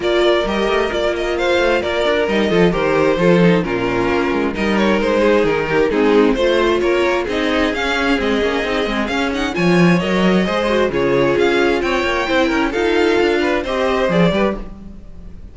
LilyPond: <<
  \new Staff \with { instrumentName = "violin" } { \time 4/4 \tempo 4 = 132 d''4 dis''4 d''8 dis''8 f''4 | d''4 dis''4 c''2 | ais'2 dis''8 cis''8 c''4 | ais'4 gis'4 c''4 cis''4 |
dis''4 f''4 dis''2 | f''8 fis''8 gis''4 dis''2 | cis''4 f''4 g''2 | f''2 dis''4 d''4 | }
  \new Staff \with { instrumentName = "violin" } { \time 4/4 ais'2. c''4 | ais'4. a'8 ais'4 a'4 | f'2 ais'4. gis'8~ | gis'8 g'8 dis'4 c''4 ais'4 |
gis'1~ | gis'4 cis''2 c''4 | gis'2 cis''4 c''8 ais'8 | a'4. b'8 c''4. b'8 | }
  \new Staff \with { instrumentName = "viola" } { \time 4/4 f'4 g'4 f'2~ | f'4 dis'8 f'8 g'4 f'8 dis'8 | cis'2 dis'2~ | dis'4 c'4 f'2 |
dis'4 cis'4 c'8 cis'8 dis'8 c'8 | cis'8 dis'8 f'4 ais'4 gis'8 fis'8 | f'2. e'4 | f'2 g'4 gis'8 g'8 | }
  \new Staff \with { instrumentName = "cello" } { \time 4/4 ais4 g8 a8 ais4. a8 | ais8 d'8 g8 f8 dis4 f4 | ais,4 ais8 gis8 g4 gis4 | dis4 gis4 a4 ais4 |
c'4 cis'4 gis8 ais8 c'8 gis8 | cis'4 f4 fis4 gis4 | cis4 cis'4 c'8 ais8 c'8 cis'8 | dis'4 d'4 c'4 f8 g8 | }
>>